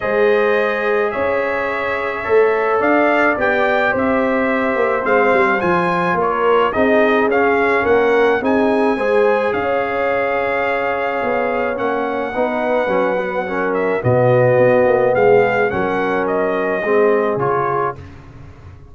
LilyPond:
<<
  \new Staff \with { instrumentName = "trumpet" } { \time 4/4 \tempo 4 = 107 dis''2 e''2~ | e''4 f''4 g''4 e''4~ | e''4 f''4 gis''4 cis''4 | dis''4 f''4 fis''4 gis''4~ |
gis''4 f''2.~ | f''4 fis''2.~ | fis''8 e''8 dis''2 f''4 | fis''4 dis''2 cis''4 | }
  \new Staff \with { instrumentName = "horn" } { \time 4/4 c''2 cis''2~ | cis''4 d''2 c''4~ | c''2. ais'4 | gis'2 ais'4 gis'4 |
c''4 cis''2.~ | cis''2 b'2 | ais'4 fis'2 gis'4 | ais'2 gis'2 | }
  \new Staff \with { instrumentName = "trombone" } { \time 4/4 gis'1 | a'2 g'2~ | g'4 c'4 f'2 | dis'4 cis'2 dis'4 |
gis'1~ | gis'4 cis'4 dis'4 cis'8 b8 | cis'4 b2. | cis'2 c'4 f'4 | }
  \new Staff \with { instrumentName = "tuba" } { \time 4/4 gis2 cis'2 | a4 d'4 b4 c'4~ | c'8 ais8 gis8 g8 f4 ais4 | c'4 cis'4 ais4 c'4 |
gis4 cis'2. | b4 ais4 b4 fis4~ | fis4 b,4 b8 ais8 gis4 | fis2 gis4 cis4 | }
>>